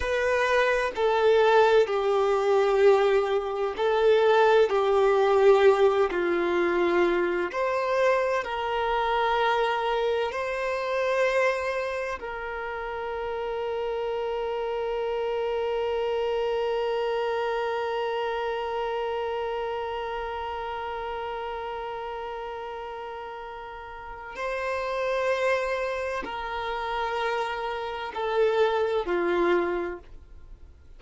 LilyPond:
\new Staff \with { instrumentName = "violin" } { \time 4/4 \tempo 4 = 64 b'4 a'4 g'2 | a'4 g'4. f'4. | c''4 ais'2 c''4~ | c''4 ais'2.~ |
ais'1~ | ais'1~ | ais'2 c''2 | ais'2 a'4 f'4 | }